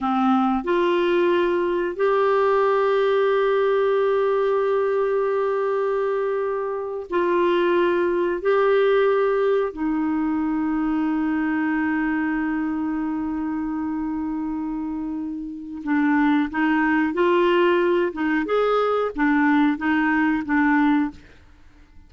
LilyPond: \new Staff \with { instrumentName = "clarinet" } { \time 4/4 \tempo 4 = 91 c'4 f'2 g'4~ | g'1~ | g'2~ g'8. f'4~ f'16~ | f'8. g'2 dis'4~ dis'16~ |
dis'1~ | dis'1 | d'4 dis'4 f'4. dis'8 | gis'4 d'4 dis'4 d'4 | }